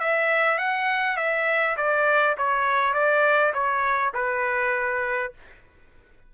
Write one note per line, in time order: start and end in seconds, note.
0.00 0.58 E5
0.58 1.17 F#5
1.17 1.76 E5
1.77 2.36 D5
2.38 2.94 C#5
2.94 3.53 D5
3.53 4.13 C#5
4.14 5.33 B4